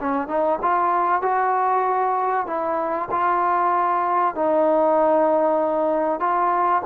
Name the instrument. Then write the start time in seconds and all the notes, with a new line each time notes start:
trombone
0.00 C#4
0.28 D#4
0.62 F4
1.22 F#4
2.47 E4
3.11 F4
4.35 D#4
6.20 F4